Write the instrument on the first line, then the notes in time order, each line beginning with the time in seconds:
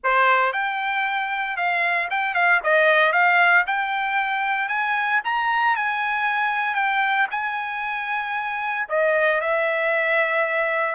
trumpet
0.03 C5
0.52 G5
1.56 F5
2.10 G5
2.34 F5
2.63 D#5
3.12 F5
3.66 G5
4.68 G#5
5.24 A#5
5.76 G#5
6.74 G5
7.30 G#5
8.88 D#5
9.40 E5